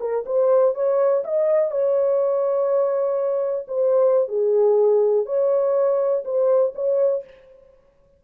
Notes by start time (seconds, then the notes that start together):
0.00 A#4
0.26 C5
0.75 C#5
1.24 D#5
1.71 C#5
3.68 C5
4.28 G#4
5.26 C#5
6.25 C5
6.75 C#5